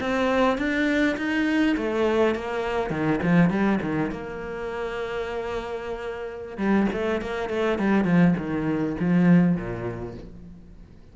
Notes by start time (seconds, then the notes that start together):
0.00 C4
0.57 D4
1.17 D#4
1.77 A3
2.35 A#3
2.90 D#3
3.22 F3
3.49 G3
3.82 D#3
4.11 A#3
6.57 G3
6.92 A3
7.21 A#3
7.49 A3
7.78 G3
8.05 F3
8.37 D#3
9.00 F3
9.56 A#2